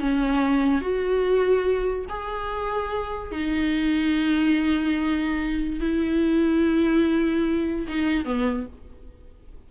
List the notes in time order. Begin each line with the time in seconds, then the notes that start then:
0.00 C#4
0.81 F#4
2.09 G#4
3.32 D#4
5.80 E4
7.88 D#4
8.25 B3